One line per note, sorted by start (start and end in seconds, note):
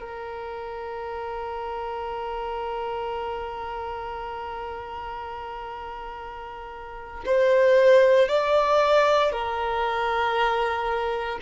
0.00 7.24 A#4
7.26 8.29 C5
8.29 9.32 D5
9.32 11.39 A#4